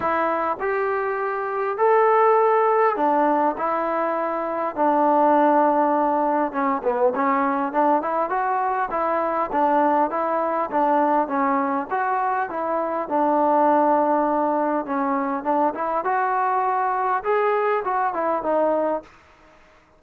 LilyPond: \new Staff \with { instrumentName = "trombone" } { \time 4/4 \tempo 4 = 101 e'4 g'2 a'4~ | a'4 d'4 e'2 | d'2. cis'8 b8 | cis'4 d'8 e'8 fis'4 e'4 |
d'4 e'4 d'4 cis'4 | fis'4 e'4 d'2~ | d'4 cis'4 d'8 e'8 fis'4~ | fis'4 gis'4 fis'8 e'8 dis'4 | }